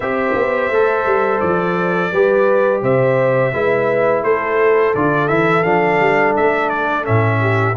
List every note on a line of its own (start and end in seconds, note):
0.00 0.33 C4
0.00 0.72 G4
0.00 2.11 C5
0.00 1.39 E5
0.35 0.70 B3
0.70 1.05 A3
0.70 2.12 A4
1.05 1.41 G3
1.39 2.12 F3
1.39 2.81 D5
2.12 2.82 G3
2.12 3.53 G4
2.12 2.82 B4
2.82 3.52 C3
2.82 3.52 C5
2.82 4.23 E5
3.53 4.22 G#3
3.53 4.94 E4
3.53 4.25 B4
4.22 4.93 A3
4.22 7.40 A4
4.22 4.94 C5
4.94 5.29 D3
4.94 5.28 F4
4.94 5.28 D5
5.28 5.64 E3
5.28 5.64 E4
5.28 5.63 E5
5.63 5.99 F3
5.63 7.03 D4
5.63 6.34 F5
5.99 6.35 G3
6.36 7.07 A3
6.36 6.69 E5
6.69 7.04 D5
7.03 7.76 A2
7.03 7.74 C#4
7.03 7.76 E5
7.40 7.75 G4